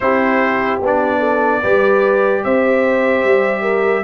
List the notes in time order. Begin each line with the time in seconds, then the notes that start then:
0.00 C4 E4 G4 C5
0.81 B3 D4 D5
1.19 A4
1.62 G3 G4 B4
2.44 C4 C5 E5
3.24 G3
3.61 A#4